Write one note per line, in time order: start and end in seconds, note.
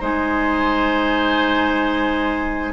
0.00 2.73 G#3
0.00 2.73 D#4
0.00 2.73 C5
0.00 2.73 G#5